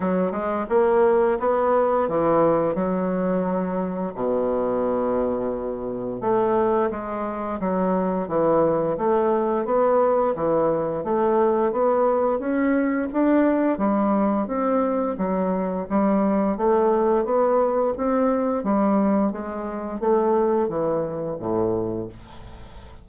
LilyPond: \new Staff \with { instrumentName = "bassoon" } { \time 4/4 \tempo 4 = 87 fis8 gis8 ais4 b4 e4 | fis2 b,2~ | b,4 a4 gis4 fis4 | e4 a4 b4 e4 |
a4 b4 cis'4 d'4 | g4 c'4 fis4 g4 | a4 b4 c'4 g4 | gis4 a4 e4 a,4 | }